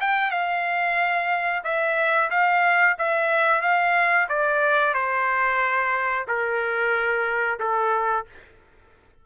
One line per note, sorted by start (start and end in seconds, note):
0.00 0.31 G5
0.31 1.62 F5
1.64 2.30 E5
2.30 2.96 F5
2.98 3.61 E5
3.61 4.27 F5
4.29 4.94 D5
4.94 6.25 C5
6.27 7.59 A#4
7.59 8.25 A4